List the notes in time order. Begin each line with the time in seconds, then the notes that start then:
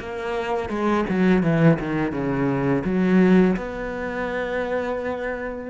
0.00 A#3
0.70 G#3
1.10 F#3
1.43 E3
1.80 D#3
2.12 C#3
2.85 F#3
3.57 B3